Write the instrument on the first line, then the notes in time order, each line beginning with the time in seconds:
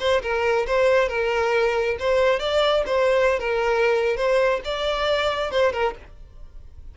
violin
0.00 C5
0.22 A#4
0.67 C5
1.09 A#4
2.00 C5
2.40 D5
2.86 C5
3.40 A#4
4.17 C5
4.65 D5
5.51 C5
5.73 A#4